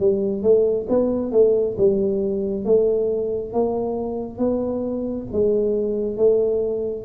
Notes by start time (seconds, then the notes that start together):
0.00 G3
0.43 A3
0.89 B3
1.32 A3
1.78 G3
2.65 A3
3.53 A#3
4.38 B3
5.33 G#3
6.17 A3